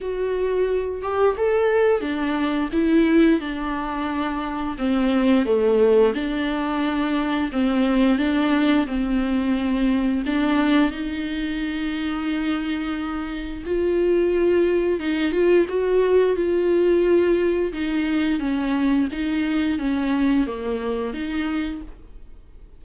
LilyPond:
\new Staff \with { instrumentName = "viola" } { \time 4/4 \tempo 4 = 88 fis'4. g'8 a'4 d'4 | e'4 d'2 c'4 | a4 d'2 c'4 | d'4 c'2 d'4 |
dis'1 | f'2 dis'8 f'8 fis'4 | f'2 dis'4 cis'4 | dis'4 cis'4 ais4 dis'4 | }